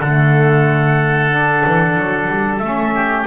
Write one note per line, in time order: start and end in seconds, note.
0.00 1.64 D3
0.00 1.30 A3
0.00 2.94 A4
0.00 2.59 F#5
1.30 2.60 D4
1.66 1.98 E3
1.98 2.27 F#3
2.27 2.60 G3
2.59 3.25 A3
2.59 3.26 C#4
2.59 3.24 E5
2.95 3.26 G4